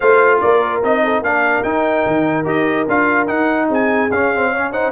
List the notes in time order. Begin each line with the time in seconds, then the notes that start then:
0.00 A3 F4 C5 F5
0.40 A#3 A#4 D5
0.83 C4 D#4 D#5
1.03 A4
1.21 A#3 D4 A#4 F5
1.63 D#4 G5
2.06 D#3
2.44 D#4 G4 D#5
2.88 D4 F4 F5
3.27 D#4 F#5
3.68 C4 G#4 G#5
4.10 C#4 F5
4.34 C4
4.51 C#4 C#5
4.72 D#4 C5 F#5